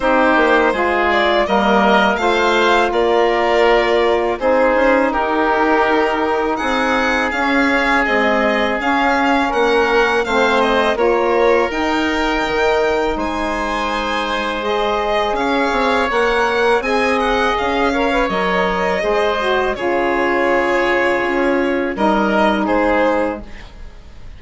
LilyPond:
<<
  \new Staff \with { instrumentName = "violin" } { \time 4/4 \tempo 4 = 82 c''4. d''8 dis''4 f''4 | d''2 c''4 ais'4~ | ais'4 fis''4 f''4 dis''4 | f''4 fis''4 f''8 dis''8 cis''4 |
g''2 gis''2 | dis''4 f''4 fis''4 gis''8 fis''8 | f''4 dis''2 cis''4~ | cis''2 dis''4 c''4 | }
  \new Staff \with { instrumentName = "oboe" } { \time 4/4 g'4 gis'4 ais'4 c''4 | ais'2 gis'4 g'4~ | g'4 gis'2.~ | gis'4 ais'4 c''4 ais'4~ |
ais'2 c''2~ | c''4 cis''2 dis''4~ | dis''8 cis''4. c''4 gis'4~ | gis'2 ais'4 gis'4 | }
  \new Staff \with { instrumentName = "saxophone" } { \time 4/4 dis'4 f'4 ais4 f'4~ | f'2 dis'2~ | dis'2 cis'4 gis4 | cis'2 c'4 f'4 |
dis'1 | gis'2 ais'4 gis'4~ | gis'8 ais'16 b'16 ais'4 gis'8 fis'8 f'4~ | f'2 dis'2 | }
  \new Staff \with { instrumentName = "bassoon" } { \time 4/4 c'8 ais8 gis4 g4 a4 | ais2 c'8 cis'8 dis'4~ | dis'4 c'4 cis'4 c'4 | cis'4 ais4 a4 ais4 |
dis'4 dis4 gis2~ | gis4 cis'8 c'8 ais4 c'4 | cis'4 fis4 gis4 cis4~ | cis4 cis'4 g4 gis4 | }
>>